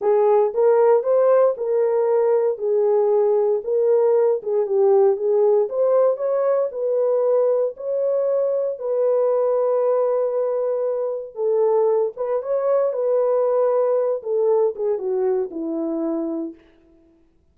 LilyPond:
\new Staff \with { instrumentName = "horn" } { \time 4/4 \tempo 4 = 116 gis'4 ais'4 c''4 ais'4~ | ais'4 gis'2 ais'4~ | ais'8 gis'8 g'4 gis'4 c''4 | cis''4 b'2 cis''4~ |
cis''4 b'2.~ | b'2 a'4. b'8 | cis''4 b'2~ b'8 a'8~ | a'8 gis'8 fis'4 e'2 | }